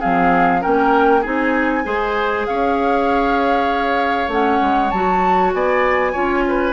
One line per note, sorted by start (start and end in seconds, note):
0.00 0.65 F3
0.00 0.61 C4
0.00 0.61 G#4
0.00 0.62 F5
0.61 1.25 A#3
0.61 1.22 C#4
0.61 1.21 A#4
0.61 1.24 G5
1.21 1.86 C4
1.21 1.84 D#4
1.21 1.82 G#4
1.21 2.46 G#5
1.84 2.47 G#3
1.84 4.29 G#4
1.84 2.47 C5
2.46 4.28 C#4
2.46 5.55 C#5
2.46 4.30 F5
4.28 4.58 A3
4.28 4.91 C#4
4.28 4.90 F#5
4.62 4.92 G#3
4.90 5.54 F#3
4.90 6.14 F#4
4.90 5.52 A5
5.54 6.15 B3
5.54 6.12 D5
5.54 6.73 G#5
6.12 6.73 C#4
6.12 6.73 F4
6.12 6.43 C#5
6.48 6.73 B4